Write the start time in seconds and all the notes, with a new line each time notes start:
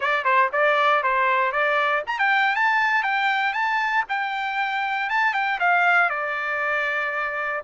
0.00 D5
0.24 C5
0.52 D5
1.03 C5
1.52 D5
2.06 A#5
2.18 G5
2.55 A5
3.03 G5
3.53 A5
4.08 G5
5.09 A5
5.33 G5
5.59 F5
6.09 D5